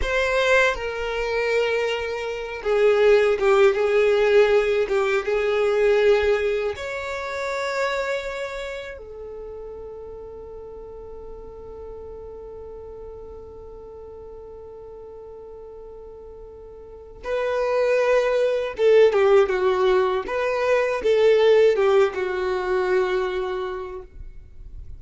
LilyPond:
\new Staff \with { instrumentName = "violin" } { \time 4/4 \tempo 4 = 80 c''4 ais'2~ ais'8 gis'8~ | gis'8 g'8 gis'4. g'8 gis'4~ | gis'4 cis''2. | a'1~ |
a'1~ | a'2. b'4~ | b'4 a'8 g'8 fis'4 b'4 | a'4 g'8 fis'2~ fis'8 | }